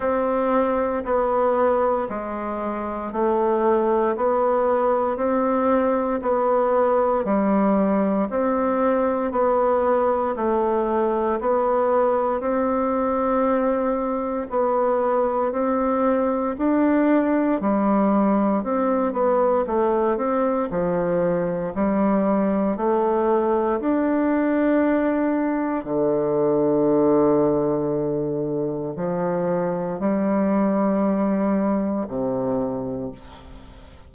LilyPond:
\new Staff \with { instrumentName = "bassoon" } { \time 4/4 \tempo 4 = 58 c'4 b4 gis4 a4 | b4 c'4 b4 g4 | c'4 b4 a4 b4 | c'2 b4 c'4 |
d'4 g4 c'8 b8 a8 c'8 | f4 g4 a4 d'4~ | d'4 d2. | f4 g2 c4 | }